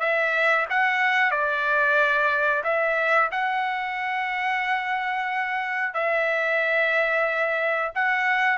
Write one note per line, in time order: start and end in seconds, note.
0.00 0.66 E5
0.70 1.31 F#5
1.31 2.63 D5
2.64 3.30 E5
3.31 5.94 F#5
5.94 7.92 E5
7.95 8.58 F#5